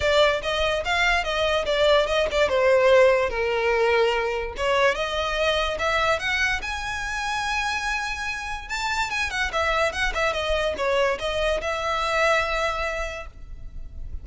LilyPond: \new Staff \with { instrumentName = "violin" } { \time 4/4 \tempo 4 = 145 d''4 dis''4 f''4 dis''4 | d''4 dis''8 d''8 c''2 | ais'2. cis''4 | dis''2 e''4 fis''4 |
gis''1~ | gis''4 a''4 gis''8 fis''8 e''4 | fis''8 e''8 dis''4 cis''4 dis''4 | e''1 | }